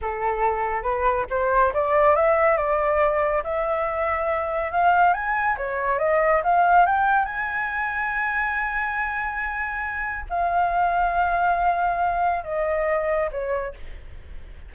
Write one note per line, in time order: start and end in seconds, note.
0.01 0.82 A4
0.82 1.25 B4
1.30 1.73 C5
1.73 2.15 D5
2.15 2.57 E5
2.57 3.43 D5
3.43 4.71 E5
4.71 5.13 F5
5.13 5.56 G#5
5.57 5.99 C#5
5.99 6.41 D#5
6.43 6.86 F5
6.86 7.25 G5
7.25 10.25 G#5
10.29 12.44 F5
12.44 13.29 D#5
13.31 13.74 C#5